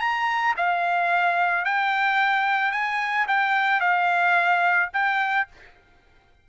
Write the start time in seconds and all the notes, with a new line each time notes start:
0.00 A#5
0.57 F5
1.65 G5
2.72 G#5
3.28 G5
3.81 F5
4.93 G5